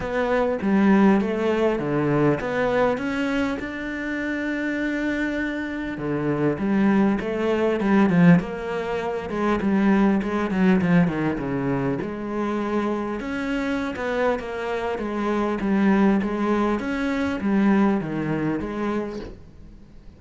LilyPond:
\new Staff \with { instrumentName = "cello" } { \time 4/4 \tempo 4 = 100 b4 g4 a4 d4 | b4 cis'4 d'2~ | d'2 d4 g4 | a4 g8 f8 ais4. gis8 |
g4 gis8 fis8 f8 dis8 cis4 | gis2 cis'4~ cis'16 b8. | ais4 gis4 g4 gis4 | cis'4 g4 dis4 gis4 | }